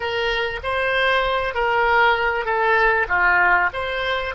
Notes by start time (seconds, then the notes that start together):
0.00 A#4
0.63 C5
1.54 A#4
2.45 A4
3.08 F4
3.73 C5